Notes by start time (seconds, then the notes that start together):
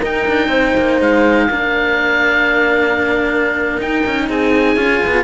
0.00 D#4 A#4 G5
0.28 D4
0.48 C4 C5
0.77 A#3
1.01 G#3 F5
1.49 A#3 D4 A#4
3.78 D#4 G5
4.06 C#4
4.29 C4 G#4 G#5
4.77 C#4 F4
5.06 B3